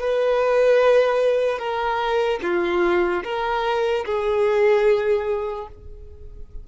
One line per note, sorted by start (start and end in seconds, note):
0.00 1.58 B4
1.58 2.40 A#4
2.42 3.23 F4
3.24 4.05 A#4
4.05 5.67 G#4